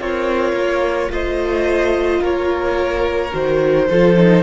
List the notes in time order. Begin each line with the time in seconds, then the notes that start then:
0.00 C4 F4 A#4 C#5
0.53 A#3
1.09 A3 F4 C5 D#5
2.21 A#3 A#4 C#5
3.32 D#3 F#4 C5
3.88 F3 F4 A4
4.17 D#4